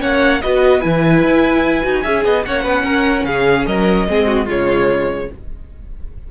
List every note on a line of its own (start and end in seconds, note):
0.00 0.42 A#3
0.00 0.41 C#4
0.00 0.41 C#5
0.00 0.41 F#5
0.41 0.84 B3
0.41 0.81 F#4
0.41 2.03 B4
0.41 0.81 D#5
0.81 1.23 E3
0.81 1.82 E4
0.81 2.43 G#5
1.23 1.84 E4
1.82 2.05 D#4
1.82 2.03 F#4
2.03 2.25 C#4
2.03 2.45 G#4
2.03 2.23 E5
2.25 2.45 B3
2.25 2.45 D#5
2.45 2.65 A#3
2.45 4.09 C#4
2.45 2.62 C#5
2.45 3.25 F#5
2.62 2.84 B3
2.62 2.83 B4
2.84 3.24 C#4
2.84 3.25 A#4
3.24 3.65 C#3
3.24 3.67 G#4
3.24 3.65 F5
3.66 4.08 F#3
3.66 4.07 A#4
3.66 4.47 D#5
4.08 4.48 G#3
4.08 4.47 C4
4.08 4.28 G#4
4.28 4.46 F#4
4.46 5.29 C#3
4.46 5.28 G#3
4.46 5.27 F4
4.46 5.31 C#5